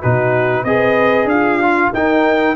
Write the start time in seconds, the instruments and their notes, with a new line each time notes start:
0.00 tuba B2, trombone D#4, horn F#4, trumpet B4
0.64 tuba C4, trombone G#4, horn B4, trumpet D#5
1.24 tuba D4, horn F4, trumpet F5
1.62 trombone F4
1.91 tuba D#4, trombone D#4, horn A#4, trumpet G5